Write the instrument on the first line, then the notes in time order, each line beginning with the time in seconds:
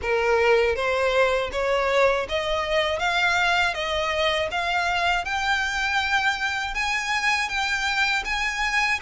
violin
0.02 A#4
0.75 C5
1.52 C#5
2.28 D#5
2.99 F5
3.74 D#5
4.51 F5
5.24 G5
6.74 G#5
7.48 G5
8.24 G#5